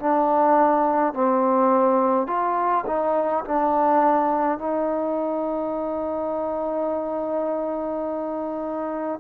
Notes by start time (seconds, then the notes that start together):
0.00 D4
1.14 C4
2.27 F4
2.87 D#4
3.45 D4
4.58 D#4